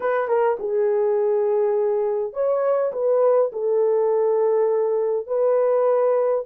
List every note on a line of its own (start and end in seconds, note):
0.00 0.28 B4
0.28 0.57 A#4
0.59 2.33 G#4
2.33 2.92 C#5
2.92 3.51 B4
3.52 5.26 A4
5.26 6.44 B4